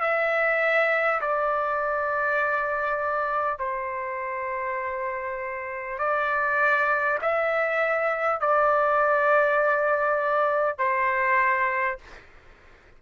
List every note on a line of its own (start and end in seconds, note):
0.00 1.20 E5
1.21 3.58 D5
3.58 5.98 C5
5.98 7.18 D5
7.21 8.41 E5
8.41 10.78 D5
10.78 11.98 C5